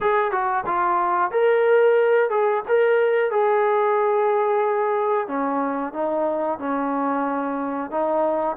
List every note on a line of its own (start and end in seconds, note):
0.00 0.31 G#4
0.31 0.64 F#4
0.66 1.31 F4
1.31 2.30 A#4
2.30 2.63 G#4
2.67 3.30 A#4
3.30 5.27 G#4
5.27 5.93 C#4
5.93 6.58 D#4
6.58 7.90 C#4
7.90 8.56 D#4